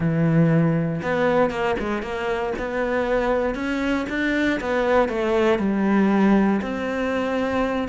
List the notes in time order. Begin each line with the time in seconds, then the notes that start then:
0.00 E3
1.02 B3
1.50 A#3
1.79 G#3
2.02 A#3
2.58 B3
3.55 C#4
4.09 D4
4.60 B3
5.08 A3
5.59 G3
6.61 C4